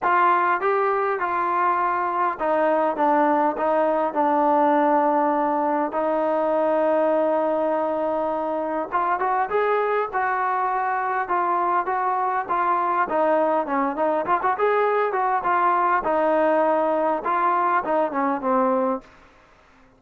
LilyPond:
\new Staff \with { instrumentName = "trombone" } { \time 4/4 \tempo 4 = 101 f'4 g'4 f'2 | dis'4 d'4 dis'4 d'4~ | d'2 dis'2~ | dis'2. f'8 fis'8 |
gis'4 fis'2 f'4 | fis'4 f'4 dis'4 cis'8 dis'8 | f'16 fis'16 gis'4 fis'8 f'4 dis'4~ | dis'4 f'4 dis'8 cis'8 c'4 | }